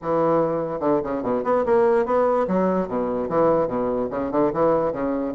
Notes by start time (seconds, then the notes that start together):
0.02 E3
0.80 D3
1.03 C#3
1.22 B2
1.44 B3
1.65 A#3
2.05 B3
2.47 F#3
2.87 B2
3.29 E3
3.67 B2
4.10 C#3
4.31 D3
4.53 E3
4.92 C#3